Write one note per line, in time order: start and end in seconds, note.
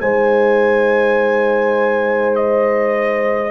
0.00 3.50 G#3
0.00 3.50 D#4
0.00 3.50 C5
0.00 2.35 G#5
2.35 3.50 D#5